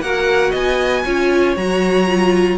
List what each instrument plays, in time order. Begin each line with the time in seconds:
0.00 cello A#3, viola F#4, violin A#4 F#5
0.51 cello B3, violin D#5 G#5
1.04 cello C#4, viola F4, violin C#5
1.56 cello F#3, viola F#4, violin A#5
2.07 viola F4